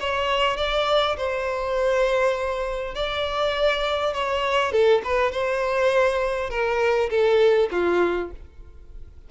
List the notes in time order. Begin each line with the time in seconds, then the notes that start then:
0.00 C#5
0.57 D5
1.17 C5
2.95 D5
4.14 C#5
4.72 A4
5.04 B4
5.32 C5
6.50 A#4
7.10 A4
7.71 F4